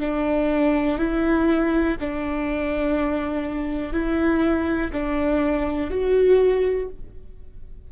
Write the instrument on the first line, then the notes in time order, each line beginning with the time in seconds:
viola
0.00 D4
0.98 E4
2.00 D4
3.93 E4
4.92 D4
5.91 F#4